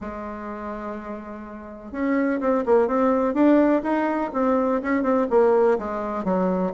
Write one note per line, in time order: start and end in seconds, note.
0.00 1.92 G#3
1.92 2.40 C#4
2.40 2.64 C4
2.65 2.87 A#3
2.87 3.34 C4
3.34 3.82 D4
3.82 4.30 D#4
4.33 4.81 C4
4.82 5.03 C#4
5.03 5.27 C4
5.30 5.78 A#3
5.78 6.24 G#3
6.24 6.72 F#3